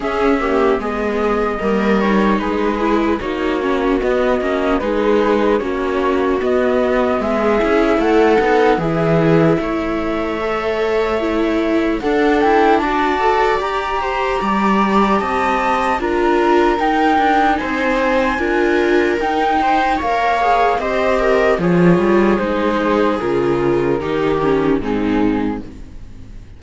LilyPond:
<<
  \new Staff \with { instrumentName = "flute" } { \time 4/4 \tempo 4 = 75 e''4 dis''4. cis''8 b'4 | cis''4 dis''4 b'4 cis''4 | dis''4 e''4 fis''4 e''4~ | e''2. fis''8 g''8 |
a''4 ais''2 a''4 | ais''4 g''4 gis''2 | g''4 f''4 dis''4 cis''4 | c''4 ais'2 gis'4 | }
  \new Staff \with { instrumentName = "viola" } { \time 4/4 gis'8 g'8 gis'4 ais'4 gis'4 | fis'2 gis'4 fis'4~ | fis'4 gis'4 a'4 gis'4 | cis''2. a'4 |
d''4. c''8 d''4 dis''4 | ais'2 c''4 ais'4~ | ais'8 c''8 cis''4 c''8 ais'8 gis'4~ | gis'2 g'4 dis'4 | }
  \new Staff \with { instrumentName = "viola" } { \time 4/4 cis'8 ais8 b4 ais8 dis'4 e'8 | dis'8 cis'8 b8 cis'8 dis'4 cis'4 | b4. e'4 dis'8 e'4~ | e'4 a'4 e'4 d'4~ |
d'8 a'8 g'2. | f'4 dis'2 f'4 | dis'4 ais'8 gis'8 g'4 f'4 | dis'4 f'4 dis'8 cis'8 c'4 | }
  \new Staff \with { instrumentName = "cello" } { \time 4/4 cis'4 gis4 g4 gis4 | ais4 b8 ais8 gis4 ais4 | b4 gis8 cis'8 a8 b8 e4 | a2. d'8 e'8 |
fis'4 g'4 g4 c'4 | d'4 dis'8 d'8 c'4 d'4 | dis'4 ais4 c'4 f8 g8 | gis4 cis4 dis4 gis,4 | }
>>